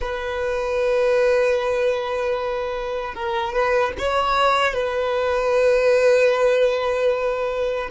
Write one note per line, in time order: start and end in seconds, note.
0.00 3.14 B4
3.14 3.52 A#4
3.52 3.92 B4
3.98 4.73 C#5
4.73 7.89 B4